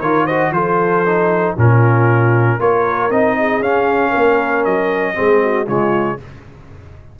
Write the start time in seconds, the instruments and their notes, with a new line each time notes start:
0.00 tuba D#3, trombone F4, horn A#4, trumpet C#5
0.25 trombone F#4, horn C5, trumpet D#5
0.51 tuba F3, trombone F4, horn A4, trumpet C5
1.06 trombone D#4
1.57 tuba A#2, trombone C#4, horn F4, trumpet A#4
2.60 tuba A#3, trombone F4, horn A#4, trumpet C#5
3.10 tuba C4, trombone D#4, trumpet D#5
3.39 horn G#4
3.60 tuba C#4, trombone C#4, trumpet F5
4.10 tuba A#3, horn A#4
4.65 tuba F#3, trumpet D#5
5.15 tuba G#3, trombone C4, horn G#4
5.43 horn F#4
5.67 tuba C#3, trombone G#3, horn F4, trumpet C#5